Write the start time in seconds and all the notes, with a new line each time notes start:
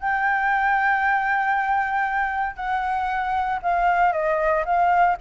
0.00 G5
2.56 F#5
3.63 F5
4.13 D#5
4.66 F5